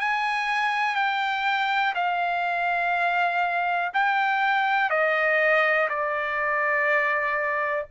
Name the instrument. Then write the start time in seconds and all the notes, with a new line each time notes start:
trumpet
0.00 G#5
0.96 G5
1.95 F5
3.94 G5
4.90 D#5
5.89 D5